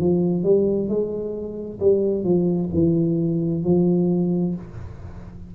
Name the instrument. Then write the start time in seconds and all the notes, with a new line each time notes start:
tuba
0.00 F3
0.43 G3
0.88 G#3
1.80 G3
2.24 F3
2.74 E3
3.64 F3